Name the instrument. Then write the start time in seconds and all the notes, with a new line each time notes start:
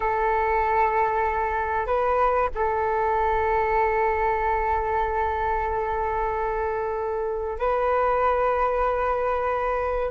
flute
0.00 A4
1.86 B4
2.54 A4
7.58 B4